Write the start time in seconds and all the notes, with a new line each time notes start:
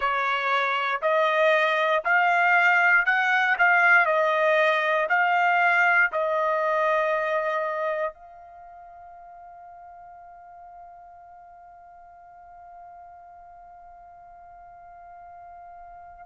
0.00 C#5
1.01 D#5
2.04 F5
3.05 F#5
3.58 F5
4.05 D#5
5.08 F5
6.12 D#5
8.14 F5